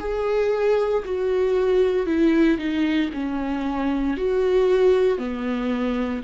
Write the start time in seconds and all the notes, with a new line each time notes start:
0.00 G#4
1.05 F#4
2.06 E4
2.58 D#4
3.14 C#4
4.17 F#4
5.18 B3